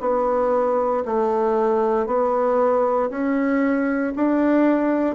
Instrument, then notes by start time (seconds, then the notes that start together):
bassoon
0.00 B3
1.05 A3
2.06 B3
3.09 C#4
4.15 D4